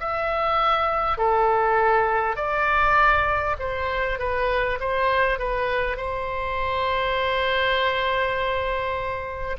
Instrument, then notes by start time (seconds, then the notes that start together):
oboe
0.00 E5
1.18 A4
2.36 D5
3.59 C5
4.18 B4
4.80 C5
5.39 B4
5.97 C5